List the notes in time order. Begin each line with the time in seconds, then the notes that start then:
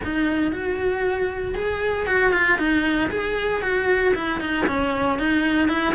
0.04 D#4
0.51 F#4
1.54 G#4
2.06 F#4
2.32 F4
2.58 D#4
3.10 G#4
3.62 F#4
4.14 E4
4.40 D#4
4.66 C#4
5.18 D#4
5.68 E4